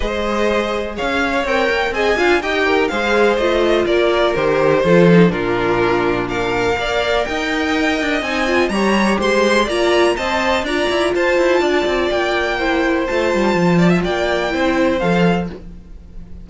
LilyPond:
<<
  \new Staff \with { instrumentName = "violin" } { \time 4/4 \tempo 4 = 124 dis''2 f''4 g''4 | gis''4 g''4 f''4 dis''4 | d''4 c''2 ais'4~ | ais'4 f''2 g''4~ |
g''4 gis''4 ais''4 c'''4 | ais''4 a''4 ais''4 a''4~ | a''4 g''2 a''4~ | a''4 g''2 f''4 | }
  \new Staff \with { instrumentName = "violin" } { \time 4/4 c''2 cis''2 | dis''8 f''8 dis''8 ais'8 c''2 | ais'2 a'4 f'4~ | f'4 ais'4 d''4 dis''4~ |
dis''2 cis''4 c''4 | d''4 dis''4 d''4 c''4 | d''2 c''2~ | c''8 d''16 e''16 d''4 c''2 | }
  \new Staff \with { instrumentName = "viola" } { \time 4/4 gis'2. ais'4 | gis'8 f'8 g'4 gis'4 f'4~ | f'4 g'4 f'8 dis'8 d'4~ | d'2 ais'2~ |
ais'4 dis'8 f'8 g'2 | f'4 c''4 f'2~ | f'2 e'4 f'4~ | f'2 e'4 a'4 | }
  \new Staff \with { instrumentName = "cello" } { \time 4/4 gis2 cis'4 c'8 ais8 | c'8 d'8 dis'4 gis4 a4 | ais4 dis4 f4 ais,4~ | ais,2 ais4 dis'4~ |
dis'8 d'8 c'4 g4 gis4 | ais4 c'4 d'8 e'8 f'8 e'8 | d'8 c'8 ais2 a8 g8 | f4 ais4 c'4 f4 | }
>>